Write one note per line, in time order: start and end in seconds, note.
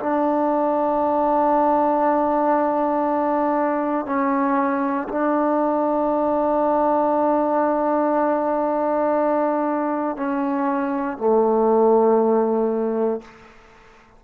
0.00 4.06 D4
4.06 5.08 C#4
5.09 10.17 D4
10.17 11.18 C#4
11.18 13.22 A3